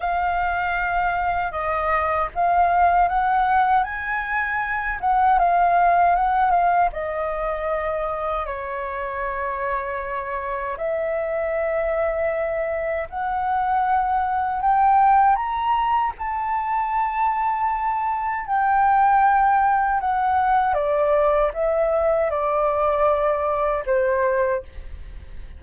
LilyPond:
\new Staff \with { instrumentName = "flute" } { \time 4/4 \tempo 4 = 78 f''2 dis''4 f''4 | fis''4 gis''4. fis''8 f''4 | fis''8 f''8 dis''2 cis''4~ | cis''2 e''2~ |
e''4 fis''2 g''4 | ais''4 a''2. | g''2 fis''4 d''4 | e''4 d''2 c''4 | }